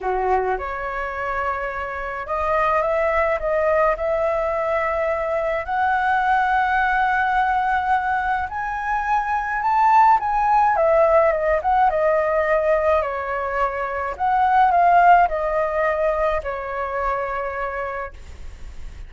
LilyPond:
\new Staff \with { instrumentName = "flute" } { \time 4/4 \tempo 4 = 106 fis'4 cis''2. | dis''4 e''4 dis''4 e''4~ | e''2 fis''2~ | fis''2. gis''4~ |
gis''4 a''4 gis''4 e''4 | dis''8 fis''8 dis''2 cis''4~ | cis''4 fis''4 f''4 dis''4~ | dis''4 cis''2. | }